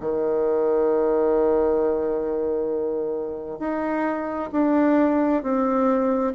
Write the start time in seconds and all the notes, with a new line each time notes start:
0.00 D#3
3.59 D#4
4.52 D4
5.43 C4